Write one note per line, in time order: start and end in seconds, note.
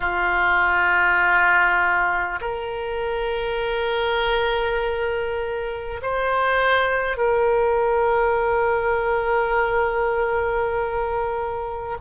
0.00 2.39 F4
2.41 6.01 A#4
6.02 7.17 C5
7.17 11.97 A#4